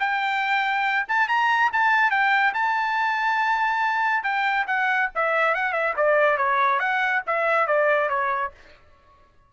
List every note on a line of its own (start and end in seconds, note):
0.00 1.06 G5
1.09 1.28 A5
1.28 1.71 A#5
1.73 2.11 A5
2.11 2.53 G5
2.54 4.23 A5
4.23 4.66 G5
4.67 5.10 F#5
5.15 5.55 E5
5.55 5.73 F#5
5.73 5.94 E5
5.97 6.38 D5
6.38 6.79 C#5
6.79 7.22 F#5
7.27 7.67 E5
7.67 8.09 D5
8.09 8.52 C#5